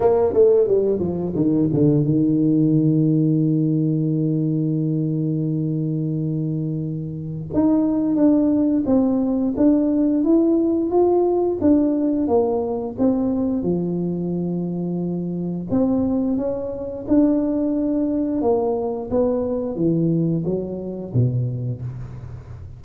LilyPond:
\new Staff \with { instrumentName = "tuba" } { \time 4/4 \tempo 4 = 88 ais8 a8 g8 f8 dis8 d8 dis4~ | dis1~ | dis2. dis'4 | d'4 c'4 d'4 e'4 |
f'4 d'4 ais4 c'4 | f2. c'4 | cis'4 d'2 ais4 | b4 e4 fis4 b,4 | }